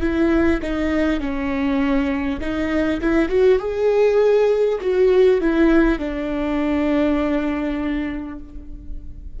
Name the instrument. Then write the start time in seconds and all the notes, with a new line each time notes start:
viola
0.00 E4
0.62 D#4
1.19 C#4
2.40 D#4
3.00 E4
3.28 F#4
3.58 G#4
4.80 F#4
5.40 E4
5.98 D4